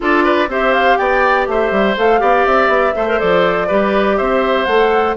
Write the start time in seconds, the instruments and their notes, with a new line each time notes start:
0.00 bassoon D4, clarinet F4, oboe A4, flute D5
0.23 oboe B4
0.48 bassoon C4, clarinet G4, oboe C5, flute E5
0.73 flute F5
0.97 bassoon B3, oboe D5, flute G5
1.47 bassoon A3, oboe C5, flute E5
1.71 bassoon G3
1.96 bassoon A3, clarinet A4, flute F5
2.19 bassoon B3, clarinet G4, oboe D5
2.45 bassoon C4, flute E5
2.67 bassoon B3
2.95 bassoon A3, clarinet A4, oboe C5
3.07 clarinet A#4
3.18 bassoon F3, clarinet A4, flute D5
3.67 bassoon G3, clarinet G4, oboe B4
4.17 bassoon C4, oboe C5, flute E5
4.64 bassoon A3, clarinet A4, flute F#5